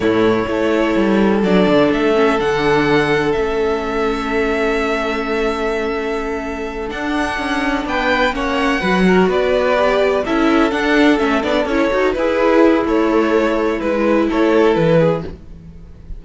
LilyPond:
<<
  \new Staff \with { instrumentName = "violin" } { \time 4/4 \tempo 4 = 126 cis''2. d''4 | e''4 fis''2 e''4~ | e''1~ | e''2~ e''8 fis''4.~ |
fis''8 g''4 fis''2 d''8~ | d''4. e''4 fis''4 e''8 | d''8 cis''4 b'4. cis''4~ | cis''4 b'4 cis''4 b'4 | }
  \new Staff \with { instrumentName = "violin" } { \time 4/4 e'4 a'2.~ | a'1~ | a'1~ | a'1~ |
a'8 b'4 cis''4 b'8 ais'8 b'8~ | b'4. a'2~ a'8~ | a'4. e'2~ e'8~ | e'2 a'4. gis'8 | }
  \new Staff \with { instrumentName = "viola" } { \time 4/4 a4 e'2 d'4~ | d'8 cis'8 d'2 cis'4~ | cis'1~ | cis'2~ cis'8 d'4.~ |
d'4. cis'4 fis'4.~ | fis'8 g'4 e'4 d'4 cis'8 | d'8 e'8 fis'8 gis'4. a'4~ | a'4 e'2. | }
  \new Staff \with { instrumentName = "cello" } { \time 4/4 a,4 a4 g4 fis8 d8 | a4 d2 a4~ | a1~ | a2~ a8 d'4 cis'8~ |
cis'8 b4 ais4 fis4 b8~ | b4. cis'4 d'4 a8 | b8 cis'8 dis'8 e'4. a4~ | a4 gis4 a4 e4 | }
>>